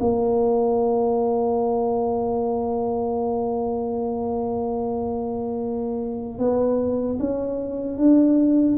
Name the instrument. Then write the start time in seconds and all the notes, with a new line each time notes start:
tuba
0.00 A#3
6.38 B3
7.19 C#4
7.97 D4